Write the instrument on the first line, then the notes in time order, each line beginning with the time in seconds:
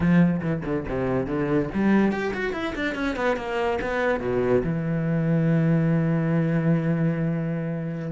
cello
0.00 F3
0.41 E3
0.65 D3
0.88 C3
1.26 D3
1.74 G3
2.11 G4
2.33 F#4
2.53 E4
2.75 D4
2.95 C#4
3.16 B3
3.36 A#3
3.81 B3
4.20 B2
4.63 E3